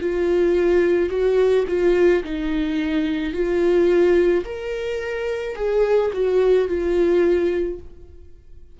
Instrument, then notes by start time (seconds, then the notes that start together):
viola
0.00 F4
1.09 F#4
1.67 F4
2.23 D#4
3.33 F4
4.44 A#4
5.56 G#4
6.13 F#4
6.68 F4